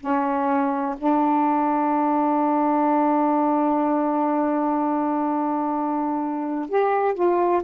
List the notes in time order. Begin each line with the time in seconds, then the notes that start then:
0.00 C#4
0.97 D4
6.69 G4
7.14 F4